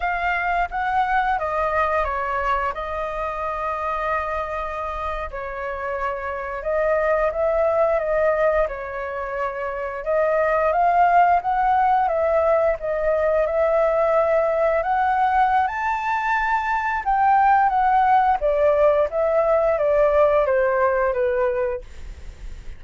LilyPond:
\new Staff \with { instrumentName = "flute" } { \time 4/4 \tempo 4 = 88 f''4 fis''4 dis''4 cis''4 | dis''2.~ dis''8. cis''16~ | cis''4.~ cis''16 dis''4 e''4 dis''16~ | dis''8. cis''2 dis''4 f''16~ |
f''8. fis''4 e''4 dis''4 e''16~ | e''4.~ e''16 fis''4~ fis''16 a''4~ | a''4 g''4 fis''4 d''4 | e''4 d''4 c''4 b'4 | }